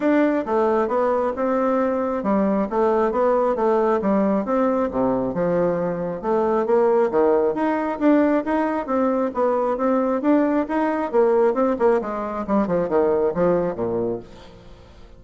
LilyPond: \new Staff \with { instrumentName = "bassoon" } { \time 4/4 \tempo 4 = 135 d'4 a4 b4 c'4~ | c'4 g4 a4 b4 | a4 g4 c'4 c4 | f2 a4 ais4 |
dis4 dis'4 d'4 dis'4 | c'4 b4 c'4 d'4 | dis'4 ais4 c'8 ais8 gis4 | g8 f8 dis4 f4 ais,4 | }